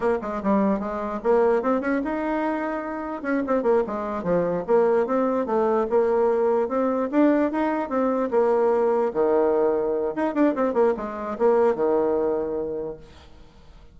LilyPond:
\new Staff \with { instrumentName = "bassoon" } { \time 4/4 \tempo 4 = 148 ais8 gis8 g4 gis4 ais4 | c'8 cis'8 dis'2. | cis'8 c'8 ais8 gis4 f4 ais8~ | ais8 c'4 a4 ais4.~ |
ais8 c'4 d'4 dis'4 c'8~ | c'8 ais2 dis4.~ | dis4 dis'8 d'8 c'8 ais8 gis4 | ais4 dis2. | }